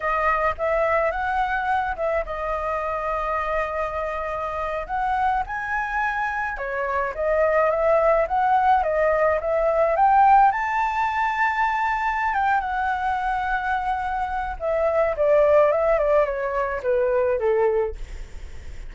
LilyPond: \new Staff \with { instrumentName = "flute" } { \time 4/4 \tempo 4 = 107 dis''4 e''4 fis''4. e''8 | dis''1~ | dis''8. fis''4 gis''2 cis''16~ | cis''8. dis''4 e''4 fis''4 dis''16~ |
dis''8. e''4 g''4 a''4~ a''16~ | a''2 g''8 fis''4.~ | fis''2 e''4 d''4 | e''8 d''8 cis''4 b'4 a'4 | }